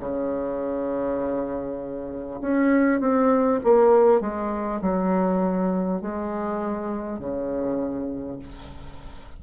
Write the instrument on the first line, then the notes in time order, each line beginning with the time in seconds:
bassoon
0.00 C#3
2.42 C#4
3.01 C4
3.64 A#3
4.21 G#3
4.82 F#3
6.02 G#3
7.19 C#3